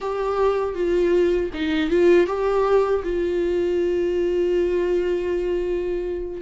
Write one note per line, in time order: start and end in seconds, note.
0.00 0.74 G4
0.74 1.50 F4
1.53 1.90 D#4
1.90 2.26 F4
2.26 3.02 G4
3.03 6.41 F4